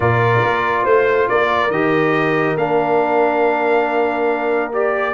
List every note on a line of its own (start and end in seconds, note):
0.00 0.42 A#2
0.00 1.69 F4
0.00 0.83 A#4
0.00 0.85 D5
0.42 0.85 A#3
0.83 1.27 A3
0.83 1.26 C5
0.83 1.28 C5
1.28 1.69 A#3
1.28 5.14 A#4
1.28 1.71 D5
1.69 2.55 D#3
1.69 2.57 G4
1.69 2.56 D#5
2.56 5.13 A#3
2.56 4.72 D4
2.56 4.71 F5
4.72 5.14 G4
4.72 5.14 D5